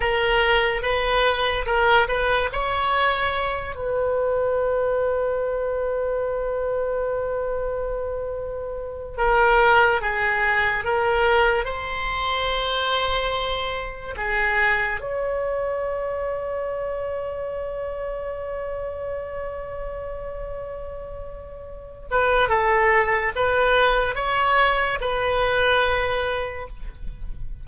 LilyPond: \new Staff \with { instrumentName = "oboe" } { \time 4/4 \tempo 4 = 72 ais'4 b'4 ais'8 b'8 cis''4~ | cis''8 b'2.~ b'8~ | b'2. ais'4 | gis'4 ais'4 c''2~ |
c''4 gis'4 cis''2~ | cis''1~ | cis''2~ cis''8 b'8 a'4 | b'4 cis''4 b'2 | }